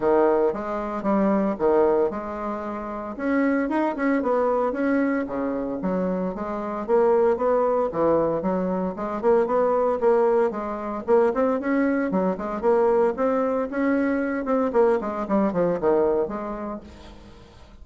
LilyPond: \new Staff \with { instrumentName = "bassoon" } { \time 4/4 \tempo 4 = 114 dis4 gis4 g4 dis4 | gis2 cis'4 dis'8 cis'8 | b4 cis'4 cis4 fis4 | gis4 ais4 b4 e4 |
fis4 gis8 ais8 b4 ais4 | gis4 ais8 c'8 cis'4 fis8 gis8 | ais4 c'4 cis'4. c'8 | ais8 gis8 g8 f8 dis4 gis4 | }